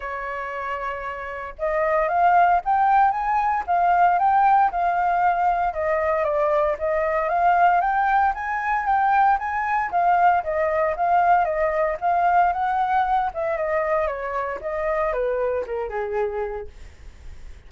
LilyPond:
\new Staff \with { instrumentName = "flute" } { \time 4/4 \tempo 4 = 115 cis''2. dis''4 | f''4 g''4 gis''4 f''4 | g''4 f''2 dis''4 | d''4 dis''4 f''4 g''4 |
gis''4 g''4 gis''4 f''4 | dis''4 f''4 dis''4 f''4 | fis''4. e''8 dis''4 cis''4 | dis''4 b'4 ais'8 gis'4. | }